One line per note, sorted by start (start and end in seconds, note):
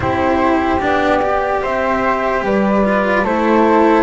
0.00 0.81 C4
0.00 0.79 E4
0.00 1.62 G4
0.00 0.81 C5
0.80 1.62 B3
0.80 1.20 D4
0.80 1.63 D5
1.22 2.84 G4
1.62 2.42 C4
1.62 2.43 C5
1.62 2.44 E5
2.42 3.23 G3
2.42 3.24 B4
2.42 3.25 D5
2.84 3.25 F4
3.23 4.03 A3
3.23 4.03 E4
3.23 4.03 A4
3.23 4.03 C5